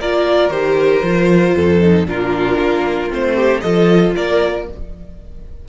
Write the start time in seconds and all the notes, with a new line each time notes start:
0.00 A#3 F4 A#4 D5
0.50 D#3 G4 C5
1.03 F3 F4
1.56 F2 A4
1.81 D#4
2.06 A#2 D4 F4 A#4
2.60 A#3
3.10 A3 C4 C5
3.36 G4
3.61 F3 F4 A4 D#5
4.16 A#3 A#4 D5